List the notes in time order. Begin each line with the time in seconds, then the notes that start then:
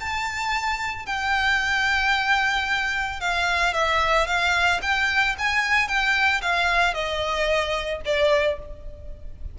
0.00 A5
1.06 G5
3.20 F5
3.74 E5
4.27 F5
4.82 G5
5.38 G#5
5.88 G5
6.42 F5
6.94 D#5
8.05 D5